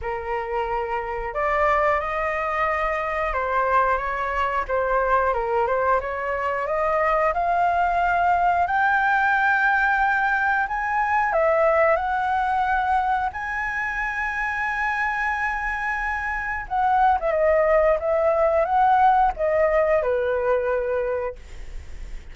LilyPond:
\new Staff \with { instrumentName = "flute" } { \time 4/4 \tempo 4 = 90 ais'2 d''4 dis''4~ | dis''4 c''4 cis''4 c''4 | ais'8 c''8 cis''4 dis''4 f''4~ | f''4 g''2. |
gis''4 e''4 fis''2 | gis''1~ | gis''4 fis''8. e''16 dis''4 e''4 | fis''4 dis''4 b'2 | }